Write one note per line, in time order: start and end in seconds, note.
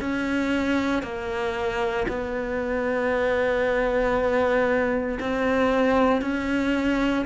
0.00 1.03 C#4
1.03 2.06 A#3
2.08 5.19 B3
5.20 6.21 C4
6.21 7.25 C#4